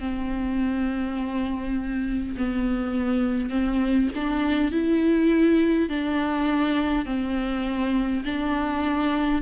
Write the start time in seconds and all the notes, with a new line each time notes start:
0.00 C4
2.37 B3
3.50 C4
4.16 D4
4.72 E4
5.89 D4
7.06 C4
8.25 D4